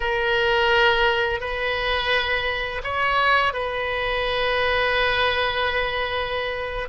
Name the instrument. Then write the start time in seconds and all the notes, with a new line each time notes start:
oboe
0.00 A#4
1.40 B4
2.83 C#5
3.53 B4